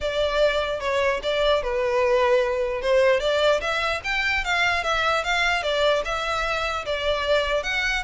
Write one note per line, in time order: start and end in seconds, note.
0.00 0.80 D5
0.80 1.20 C#5
1.22 1.62 D5
1.62 2.81 B4
2.81 3.20 C5
3.20 3.60 D5
3.61 4.01 E5
4.04 4.44 G5
4.44 4.83 F5
4.83 5.23 E5
5.24 5.62 F5
5.62 6.03 D5
6.04 6.85 E5
6.85 7.63 D5
7.63 8.03 F#5